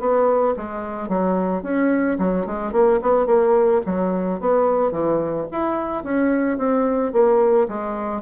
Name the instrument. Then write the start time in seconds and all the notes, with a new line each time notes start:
bassoon
0.00 B3
0.57 G#3
1.09 F#3
1.63 C#4
2.19 F#3
2.47 G#3
2.73 A#3
3.02 B3
3.27 A#3
3.86 F#3
4.41 B3
4.92 E3
5.52 E4
6.05 C#4
6.58 C4
7.13 A#3
7.69 G#3